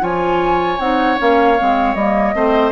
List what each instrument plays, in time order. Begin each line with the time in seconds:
0.00 bassoon F3, clarinet F4, oboe C#5, flute G#5
0.78 bassoon C4, clarinet D#4, flute F#5
1.17 bassoon A#3, clarinet C#4, flute F5
1.57 bassoon G#3, clarinet C4
1.94 bassoon G3, clarinet A#3, flute D#5
2.34 bassoon A3, clarinet C4, oboe C5